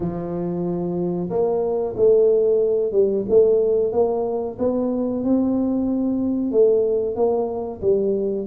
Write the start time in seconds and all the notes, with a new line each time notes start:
0.00 F3
1.30 A#3
1.96 A3
2.92 G3
3.29 A3
3.92 A#3
4.59 B3
5.24 C4
6.51 A3
7.15 A#3
7.81 G3